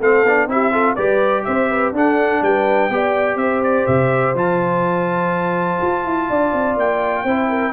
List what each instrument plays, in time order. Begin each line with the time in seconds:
0.00 tuba A3, trombone C4, horn A4, trumpet F5
0.24 tuba B3, trombone D4
0.47 tuba C4, trombone E4, horn G4, trumpet E5
0.72 trombone F4, horn A4
0.95 tuba G3, trombone G4, horn B4, trumpet D5
1.44 tuba C4, horn C5, trumpet E5
1.70 horn B4
1.92 tuba D4, trombone D4, horn A4, trumpet F#5
2.42 tuba G3, horn B4, trumpet G5
2.89 tuba B3, trombone G4, horn D5
3.35 tuba C4, horn C5, trumpet E5
3.63 trumpet D5
3.86 tuba C3, trumpet E5
4.34 tuba F3, trombone F4, trumpet A5
5.82 tuba F4
6.04 tuba E4
6.29 tuba D4, horn D5
6.53 tuba C4
6.77 tuba A#3, trumpet G5
7.23 tuba C4, trombone E4, horn C5
7.49 horn A#4